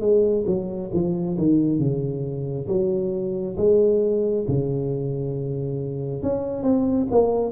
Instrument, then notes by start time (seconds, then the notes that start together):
tuba
0.00 G#3
0.46 F#3
0.93 F3
1.37 D#3
1.79 C#3
2.68 F#3
3.57 G#3
4.48 C#3
6.22 C#4
6.63 C4
7.11 A#3